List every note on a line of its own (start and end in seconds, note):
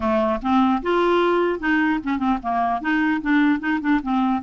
0.00 0.40 A3
0.42 0.82 C4
0.82 1.59 F4
1.59 1.99 D#4
2.03 2.18 C#4
2.18 2.38 C4
2.42 2.81 A#3
2.81 3.21 D#4
3.21 3.59 D4
3.59 3.79 D#4
3.81 4.01 D4
4.02 4.42 C4